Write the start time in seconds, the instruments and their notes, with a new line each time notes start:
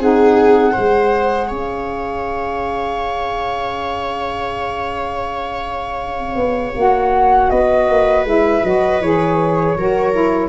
0.00 tuba C4, saxophone D#4, viola G#4, flute F#5
0.73 tuba G#3, saxophone G#4, viola C5
1.48 tuba C#4, viola C#5, flute F5
6.36 tuba B3
6.76 tuba A#3, saxophone F#4, flute F#5
7.50 tuba B3, viola B4, flute D#5
7.89 tuba A#3
8.25 tuba G#3, saxophone E4, flute E5
8.64 tuba F#3, saxophone F#4, flute D#5
9.01 tuba E3, saxophone G#4, flute C#5
9.76 tuba F#3, saxophone F#4, viola A#4
10.13 saxophone E4